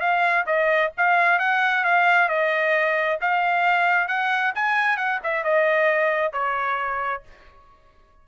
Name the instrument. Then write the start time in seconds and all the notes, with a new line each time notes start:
trumpet
0.00 F5
0.46 D#5
0.97 F5
1.39 F#5
1.84 F5
2.29 D#5
3.21 F5
4.08 F#5
4.55 G#5
4.97 F#5
5.23 E5
5.44 D#5
6.33 C#5